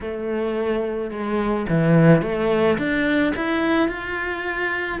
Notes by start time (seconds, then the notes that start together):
0.01 A3
1.11 G#3
1.68 E3
2.22 A3
2.78 D4
3.36 E4
3.88 F4